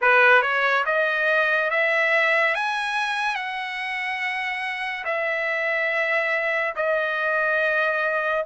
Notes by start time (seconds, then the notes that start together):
0.01 B4
0.41 C#5
0.85 D#5
1.70 E5
2.54 G#5
3.35 F#5
5.05 E5
6.76 D#5